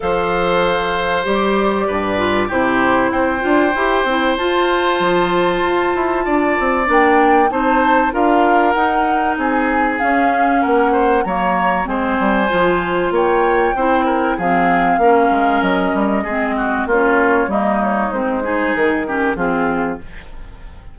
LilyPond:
<<
  \new Staff \with { instrumentName = "flute" } { \time 4/4 \tempo 4 = 96 f''2 d''2 | c''4 g''2 a''4~ | a''2. g''4 | a''4 f''4 fis''4 gis''4 |
f''4 fis''4 ais''4 gis''4~ | gis''4 g''2 f''4~ | f''4 dis''2 cis''4 | dis''8 cis''8 c''4 ais'4 gis'4 | }
  \new Staff \with { instrumentName = "oboe" } { \time 4/4 c''2. b'4 | g'4 c''2.~ | c''2 d''2 | c''4 ais'2 gis'4~ |
gis'4 ais'8 c''8 cis''4 c''4~ | c''4 cis''4 c''8 ais'8 gis'4 | ais'2 gis'8 fis'8 f'4 | dis'4. gis'4 g'8 f'4 | }
  \new Staff \with { instrumentName = "clarinet" } { \time 4/4 a'2 g'4. f'8 | e'4. f'8 g'8 e'8 f'4~ | f'2. d'4 | dis'4 f'4 dis'2 |
cis'2 ais4 c'4 | f'2 e'4 c'4 | cis'2 c'4 cis'4 | ais4 c'8 dis'4 cis'8 c'4 | }
  \new Staff \with { instrumentName = "bassoon" } { \time 4/4 f2 g4 g,4 | c4 c'8 d'8 e'8 c'8 f'4 | f4 f'8 e'8 d'8 c'8 ais4 | c'4 d'4 dis'4 c'4 |
cis'4 ais4 fis4 gis8 g8 | f4 ais4 c'4 f4 | ais8 gis8 fis8 g8 gis4 ais4 | g4 gis4 dis4 f4 | }
>>